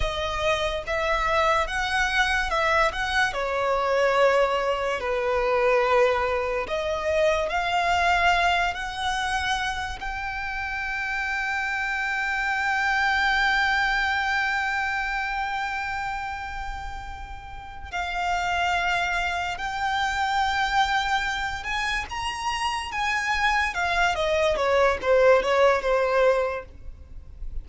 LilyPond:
\new Staff \with { instrumentName = "violin" } { \time 4/4 \tempo 4 = 72 dis''4 e''4 fis''4 e''8 fis''8 | cis''2 b'2 | dis''4 f''4. fis''4. | g''1~ |
g''1~ | g''4. f''2 g''8~ | g''2 gis''8 ais''4 gis''8~ | gis''8 f''8 dis''8 cis''8 c''8 cis''8 c''4 | }